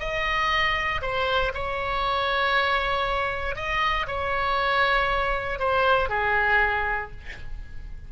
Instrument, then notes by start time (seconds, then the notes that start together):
oboe
0.00 D#5
1.02 C5
1.54 C#5
3.56 D#5
4.08 C#5
5.60 C5
6.10 G#4